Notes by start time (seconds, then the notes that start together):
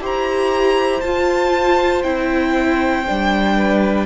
0.00 E4 G4 C5
0.06 A#5
1.01 F4 A5
2.03 C4 E4 G5
3.07 G3 D4
3.56 B4